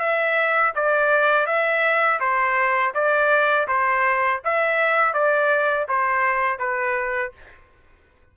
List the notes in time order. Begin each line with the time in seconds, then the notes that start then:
0.00 E5
0.76 D5
1.47 E5
2.21 C5
2.95 D5
3.68 C5
4.45 E5
5.14 D5
5.89 C5
6.60 B4